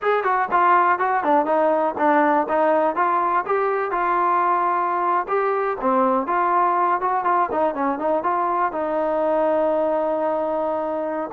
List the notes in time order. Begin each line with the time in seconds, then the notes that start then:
0.01 G#4
0.23 F#4
0.51 F4
0.98 F#4
1.23 D4
1.45 D#4
1.98 D4
2.49 D#4
2.95 F4
3.46 G4
3.91 F4
5.28 G4
5.80 C4
6.26 F4
7.01 F#4
7.24 F4
7.51 D#4
7.74 C#4
7.98 D#4
8.23 F4
8.72 D#4